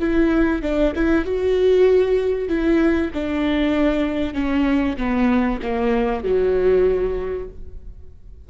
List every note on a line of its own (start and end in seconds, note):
0.00 0.62 E4
0.62 0.93 D4
0.95 1.25 E4
1.25 2.49 F#4
2.49 3.11 E4
3.14 4.34 D4
4.34 4.96 C#4
4.97 5.60 B3
5.62 6.24 A#3
6.24 7.49 F#3